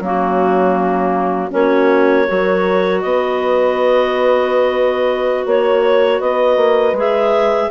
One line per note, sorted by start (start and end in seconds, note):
0.00 1.50 F#3
0.00 1.51 A#3
0.00 1.53 C#4
0.00 1.53 F#4
1.51 2.28 A#3
1.51 2.26 C#4
1.51 2.28 F#4
1.51 3.01 C#5
2.27 3.04 F#3
2.27 6.96 F#4
2.27 3.04 A#4
3.01 5.46 B3
3.01 5.47 B4
3.01 5.45 D#5
5.46 6.20 A#3
5.46 6.20 C#5
5.46 6.21 C#5
6.20 6.57 B3
6.20 7.70 B4
6.20 6.96 D#5
6.57 6.93 A#3
6.93 7.68 G#3
6.93 7.71 G#4
7.00 7.71 E5